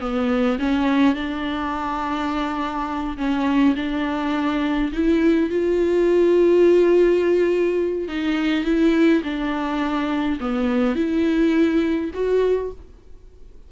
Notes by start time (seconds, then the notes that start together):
0.00 B3
0.59 C#4
1.15 D4
3.17 C#4
3.76 D4
4.92 E4
5.49 F4
8.08 D#4
8.64 E4
9.23 D4
10.40 B3
10.95 E4
12.14 F#4